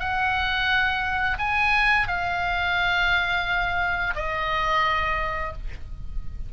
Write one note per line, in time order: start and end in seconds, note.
0.00 1.38 F#5
1.39 2.08 G#5
2.08 4.15 F5
4.16 5.54 D#5